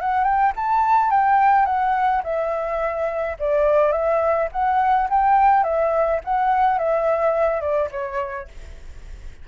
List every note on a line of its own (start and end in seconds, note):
0.00 0.24 F#5
0.24 0.52 G5
0.56 1.10 A5
1.10 1.65 G5
1.65 2.22 F#5
2.23 3.37 E5
3.39 3.92 D5
3.92 4.48 E5
4.52 5.08 F#5
5.09 5.63 G5
5.63 6.20 E5
6.24 6.78 F#5
6.78 7.61 E5
7.61 7.89 D5
7.91 8.48 C#5